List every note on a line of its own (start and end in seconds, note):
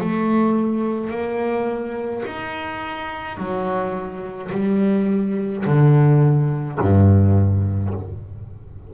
0.00 1.10 A3
1.10 2.23 A#3
2.26 3.37 D#4
3.37 4.50 F#3
4.52 5.65 G3
5.66 6.79 D3
6.80 7.93 G2